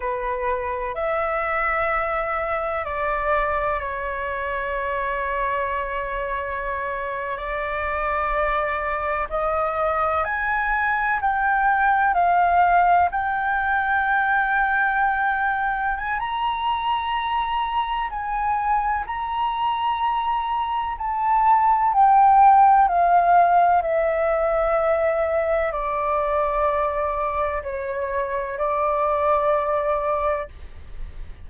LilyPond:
\new Staff \with { instrumentName = "flute" } { \time 4/4 \tempo 4 = 63 b'4 e''2 d''4 | cis''2.~ cis''8. d''16~ | d''4.~ d''16 dis''4 gis''4 g''16~ | g''8. f''4 g''2~ g''16~ |
g''8. gis''16 ais''2 gis''4 | ais''2 a''4 g''4 | f''4 e''2 d''4~ | d''4 cis''4 d''2 | }